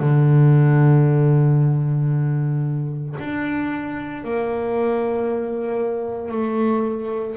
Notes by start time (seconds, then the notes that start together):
0.00 D3
3.19 D4
4.24 A#3
6.31 A3